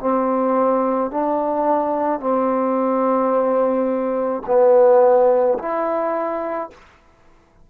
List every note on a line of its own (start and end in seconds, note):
0.00 1.11 C4
1.11 2.20 D4
2.20 4.42 C4
4.46 5.58 B3
5.59 6.70 E4